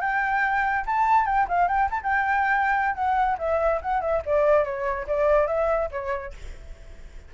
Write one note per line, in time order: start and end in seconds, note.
0.00 0.85 G5
0.86 1.25 A5
1.25 1.46 G5
1.48 1.68 F5
1.68 1.89 G5
1.91 2.01 A5
2.03 2.95 G5
2.95 3.37 F#5
3.38 3.80 E5
3.81 4.01 F#5
4.01 4.22 E5
4.25 4.64 D5
4.64 5.06 C#5
5.07 5.47 D5
5.47 5.89 E5
5.91 6.33 C#5